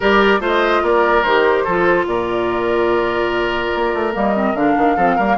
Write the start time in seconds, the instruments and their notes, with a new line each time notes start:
0.00 bassoon G3, clarinet G4, oboe A#4, flute D5
0.39 bassoon A3, clarinet F4, oboe C5
0.46 flute D#5
0.82 bassoon A#3, oboe A#4, flute D5
1.23 bassoon D#3, clarinet G4, flute C5
1.64 bassoon F3, clarinet F4, oboe A4
2.06 bassoon A#2, oboe A#4, flute D5
3.74 bassoon A#3
3.93 bassoon A3
4.13 bassoon G3, clarinet A#3, flute D#5
4.35 clarinet C4
4.53 bassoon D3, clarinet D4, flute F5
4.76 bassoon D#3
4.95 bassoon F3, clarinet C4, oboe A4
5.15 bassoon G3, clarinet A#3, oboe A#4